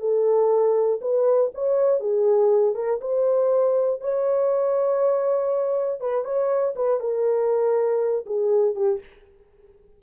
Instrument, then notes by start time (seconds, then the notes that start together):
horn
0.00 A4
1.01 B4
1.54 C#5
2.00 G#4
2.75 A#4
3.00 C5
4.00 C#5
6.00 B4
6.24 C#5
6.75 B4
7.00 A#4
8.26 G#4
8.75 G4